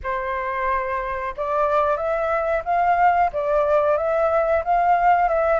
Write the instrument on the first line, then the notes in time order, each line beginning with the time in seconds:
flute
0.03 C5
1.37 D5
1.96 E5
2.64 F5
3.32 D5
3.97 E5
4.64 F5
5.28 E5